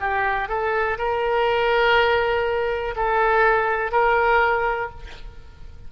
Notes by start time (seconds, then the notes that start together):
0.00 G4
0.48 A4
0.98 A#4
2.96 A4
3.92 A#4